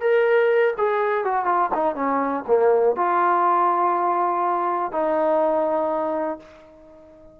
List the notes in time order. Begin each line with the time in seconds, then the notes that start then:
0.00 A#4
0.77 G#4
1.24 F#4
1.45 F4
1.73 D#4
1.95 C#4
2.47 A#3
2.96 F4
4.91 D#4